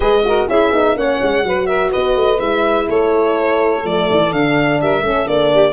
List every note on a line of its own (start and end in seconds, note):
0.00 0.44 G#3
0.00 0.22 G#4
0.00 0.23 B4
0.00 0.47 D#5
0.24 0.48 F#4
0.24 0.49 A#4
0.48 0.71 C#4
0.48 0.72 E4
0.48 0.97 G#4
0.48 0.97 E5
0.71 0.95 B3
0.71 0.96 D#4
0.95 1.19 A#3
0.95 1.44 C#4
0.95 1.45 C#5
0.95 1.66 F#5
1.21 1.43 G#3
1.43 1.91 F#3
1.43 2.38 F#4
1.43 1.67 B4
1.66 1.90 A#4
1.66 1.90 E5
1.90 2.15 B3
1.90 2.86 B4
1.90 2.39 D#5
2.15 2.39 A3
2.38 2.88 G#3
2.38 3.82 E4
2.38 2.87 E5
2.88 3.84 A3
2.88 4.80 A4
2.88 3.85 C#5
3.83 4.08 F3
3.83 4.30 A3
3.83 4.32 D5
4.10 4.32 E3
4.32 4.80 D3
4.32 5.03 D4
4.32 4.80 F5
4.81 5.02 G3
4.81 5.04 A#4
4.81 5.27 E5
5.02 5.26 A3
5.02 5.26 C#4
5.02 5.52 A4
5.26 5.72 A#3
5.26 5.72 D4
5.26 5.72 D5
5.52 5.72 G4